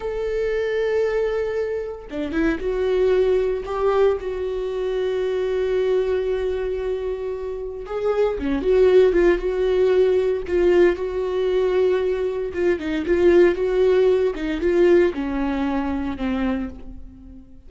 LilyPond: \new Staff \with { instrumentName = "viola" } { \time 4/4 \tempo 4 = 115 a'1 | d'8 e'8 fis'2 g'4 | fis'1~ | fis'2. gis'4 |
cis'8 fis'4 f'8 fis'2 | f'4 fis'2. | f'8 dis'8 f'4 fis'4. dis'8 | f'4 cis'2 c'4 | }